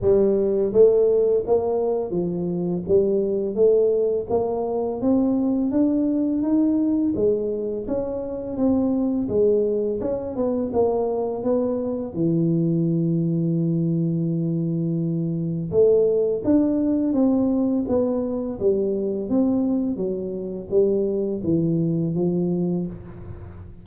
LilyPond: \new Staff \with { instrumentName = "tuba" } { \time 4/4 \tempo 4 = 84 g4 a4 ais4 f4 | g4 a4 ais4 c'4 | d'4 dis'4 gis4 cis'4 | c'4 gis4 cis'8 b8 ais4 |
b4 e2.~ | e2 a4 d'4 | c'4 b4 g4 c'4 | fis4 g4 e4 f4 | }